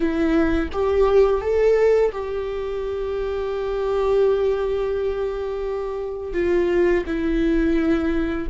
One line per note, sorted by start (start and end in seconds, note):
0.00 0.68 E4
0.72 1.41 G4
1.41 2.11 A4
2.11 6.33 G4
6.33 7.04 F4
7.06 8.47 E4